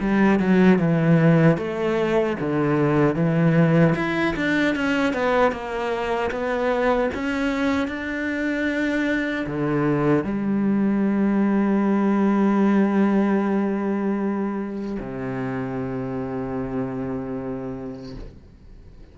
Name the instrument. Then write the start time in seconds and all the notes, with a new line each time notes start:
cello
0.00 G3
0.39 F#3
0.79 E3
1.58 A3
2.40 D3
3.15 E3
3.95 E4
4.36 D4
4.76 C#4
5.14 B3
5.52 A#3
6.31 B3
7.14 C#4
7.88 D4
9.47 D3
10.24 G3
15.00 C3